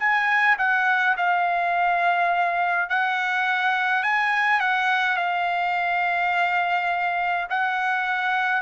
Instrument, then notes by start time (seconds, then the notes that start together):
trumpet
0.00 G#5
0.59 F#5
1.17 F5
2.90 F#5
4.03 G#5
4.60 F#5
5.17 F5
7.50 F#5